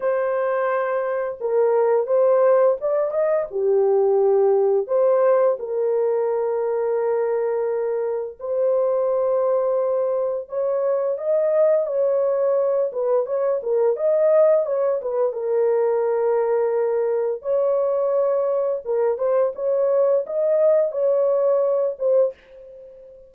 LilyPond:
\new Staff \with { instrumentName = "horn" } { \time 4/4 \tempo 4 = 86 c''2 ais'4 c''4 | d''8 dis''8 g'2 c''4 | ais'1 | c''2. cis''4 |
dis''4 cis''4. b'8 cis''8 ais'8 | dis''4 cis''8 b'8 ais'2~ | ais'4 cis''2 ais'8 c''8 | cis''4 dis''4 cis''4. c''8 | }